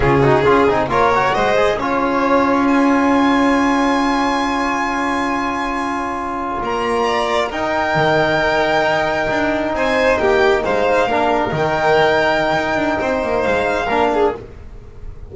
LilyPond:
<<
  \new Staff \with { instrumentName = "violin" } { \time 4/4 \tempo 4 = 134 gis'2 cis''4 dis''4 | cis''2 gis''2~ | gis''1~ | gis''2~ gis''8. ais''4~ ais''16~ |
ais''8. g''2.~ g''16~ | g''4.~ g''16 gis''4 g''4 f''16~ | f''4.~ f''16 g''2~ g''16~ | g''2 f''2 | }
  \new Staff \with { instrumentName = "violin" } { \time 4/4 f'8 fis'8 gis'4 ais'4 c''4 | cis''1~ | cis''1~ | cis''2.~ cis''8. d''16~ |
d''8. ais'2.~ ais'16~ | ais'4.~ ais'16 c''4 g'4 c''16~ | c''8. ais'2.~ ais'16~ | ais'4 c''2 ais'8 gis'8 | }
  \new Staff \with { instrumentName = "trombone" } { \time 4/4 cis'8 dis'8 f'8 dis'8 f'8 fis'4 gis'8 | f'1~ | f'1~ | f'1~ |
f'8. dis'2.~ dis'16~ | dis'1~ | dis'8. d'4 dis'2~ dis'16~ | dis'2. d'4 | }
  \new Staff \with { instrumentName = "double bass" } { \time 4/4 cis4 cis'8 c'8 ais4 gis4 | cis'1~ | cis'1~ | cis'2~ cis'8. ais4~ ais16~ |
ais8. dis'4 dis2 dis'16~ | dis'8. d'4 c'4 ais4 gis16~ | gis8. ais4 dis2~ dis16 | dis'8 d'8 c'8 ais8 gis4 ais4 | }
>>